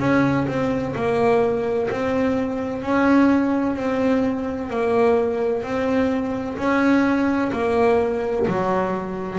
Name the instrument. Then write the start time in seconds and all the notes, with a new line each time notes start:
double bass
0.00 C#4
0.48 C4
0.95 A#3
1.90 C4
2.83 C#4
3.76 C4
4.70 A#3
5.63 C4
6.58 C#4
7.53 A#3
8.48 F#3